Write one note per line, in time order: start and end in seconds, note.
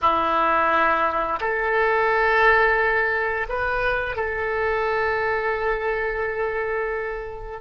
0.01 1.39 E4
1.40 3.47 A4
3.48 4.15 B4
4.15 7.60 A4